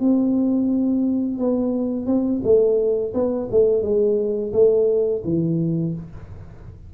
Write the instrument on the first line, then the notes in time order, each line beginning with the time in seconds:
tuba
0.00 C4
1.39 B3
2.06 C4
2.44 A3
3.14 B3
3.51 A3
3.82 G#3
4.53 A3
5.24 E3